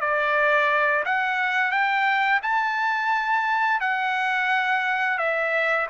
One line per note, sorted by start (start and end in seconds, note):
0.00 1.03 D5
1.05 1.71 F#5
1.71 2.40 G5
2.42 3.80 A5
3.80 5.18 F#5
5.18 5.87 E5